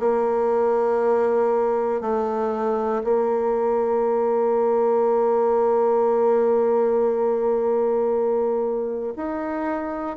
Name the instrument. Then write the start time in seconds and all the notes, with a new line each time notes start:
bassoon
0.00 A#3
2.01 A3
3.04 A#3
9.16 D#4